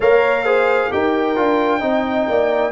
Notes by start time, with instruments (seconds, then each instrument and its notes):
0.00 tuba A#3, trombone A#4, horn C#5, trumpet F5
0.44 trombone G#4, horn C5
0.91 tuba D#4, trombone G4, horn A#4, trumpet G5
1.36 tuba D4, trombone F4
1.80 tuba C4, trombone D#4, horn D#5
2.29 tuba A#3, horn D5